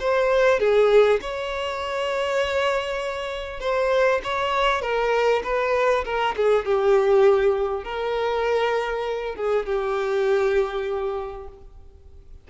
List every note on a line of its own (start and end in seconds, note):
0.00 0.60 C5
0.60 1.20 G#4
1.21 3.61 C#5
3.61 4.21 C5
4.24 4.82 C#5
4.82 5.43 A#4
5.44 6.05 B4
6.05 6.35 A#4
6.37 6.66 G#4
6.66 7.84 G4
7.84 9.36 A#4
9.36 9.66 G#4
9.66 11.48 G4